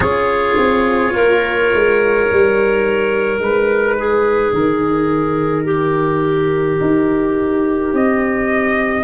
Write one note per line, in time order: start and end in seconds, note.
0.00 0.56 C#4
0.00 2.23 F4
0.00 1.13 G#4
0.00 3.40 C#5
0.57 1.14 C4
1.14 1.71 A#3
1.14 3.97 A#4
1.74 2.30 G#3
2.23 9.02 D#4
2.31 3.38 G3
3.38 4.52 G#3
3.38 4.54 B4
3.98 5.64 G#4
4.53 6.79 D#3
4.53 7.93 A#4
5.64 9.04 G4
6.80 7.93 D#4
7.93 9.04 C4
7.93 9.04 D#5